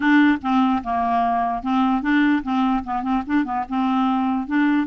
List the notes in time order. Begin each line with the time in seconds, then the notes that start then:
0.00 D4
0.42 C4
0.83 A#3
1.63 C4
2.02 D4
2.43 C4
2.83 B3
3.02 C4
3.26 D4
3.44 B3
3.69 C4
4.47 D4